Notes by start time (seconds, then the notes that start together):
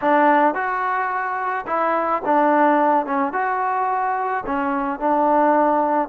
0.01 D4
0.54 F#4
1.67 E4
2.25 D4
3.06 C#4
3.33 F#4
4.45 C#4
4.99 D4